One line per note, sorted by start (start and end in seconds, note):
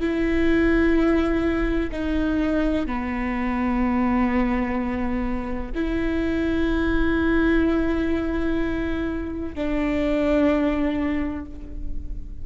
0.00 1.90 E4
1.92 2.87 D#4
2.87 5.72 B3
5.75 9.55 E4
9.55 11.45 D4